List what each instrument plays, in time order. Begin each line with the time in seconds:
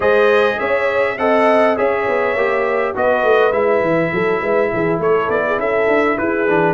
0.00 tuba G#3, trombone G#4, horn C5, trumpet D#5
0.59 tuba C#4, horn C#5, trumpet E5
1.18 tuba C4, trombone A4, horn D#5, trumpet F#5
1.77 tuba C#4, trombone G#4, horn C#5, trumpet E5
2.08 tuba B3
2.35 tuba A#3, trombone G4
2.94 tuba B3, trombone F#4, horn B4, trumpet D#5
3.23 tuba A3
3.51 tuba G#3, trombone E4, trumpet E5
3.81 tuba E3
4.12 tuba F#3, horn A4
4.41 tuba G#3, horn B4
4.71 tuba E3, horn G#4
4.99 tuba A3, horn A4, trumpet C#5
5.28 tuba B3, trumpet D5
5.46 horn G#4
5.57 tuba C#4, horn A4, trumpet E5
5.87 tuba D4
6.18 tuba E4, horn G#4, trumpet B4
6.47 tuba E3, trombone D4